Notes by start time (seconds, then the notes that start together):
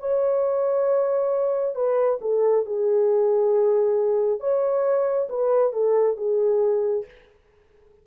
0.00 C#5
1.76 B4
2.22 A4
2.66 G#4
4.40 C#5
5.30 B4
5.73 A4
6.17 G#4